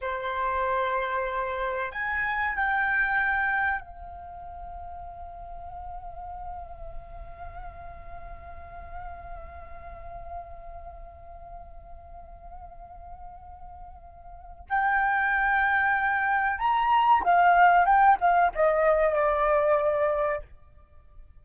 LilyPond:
\new Staff \with { instrumentName = "flute" } { \time 4/4 \tempo 4 = 94 c''2. gis''4 | g''2 f''2~ | f''1~ | f''1~ |
f''1~ | f''2. g''4~ | g''2 ais''4 f''4 | g''8 f''8 dis''4 d''2 | }